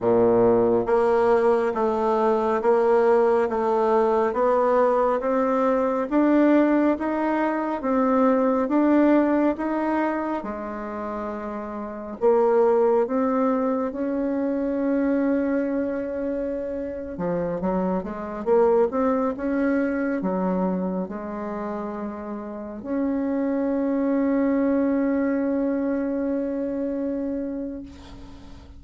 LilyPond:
\new Staff \with { instrumentName = "bassoon" } { \time 4/4 \tempo 4 = 69 ais,4 ais4 a4 ais4 | a4 b4 c'4 d'4 | dis'4 c'4 d'4 dis'4 | gis2 ais4 c'4 |
cis'2.~ cis'8. f16~ | f16 fis8 gis8 ais8 c'8 cis'4 fis8.~ | fis16 gis2 cis'4.~ cis'16~ | cis'1 | }